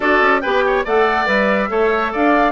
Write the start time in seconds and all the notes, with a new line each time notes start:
0.00 D4 F#4 A4 D5
0.21 C#4
0.41 B3 G4 B4 G5
0.66 C#5
0.84 A3 A4 D5 F#5
1.26 G3 B4 E5
1.68 A3 A4 C#5
2.12 D4 D5 F5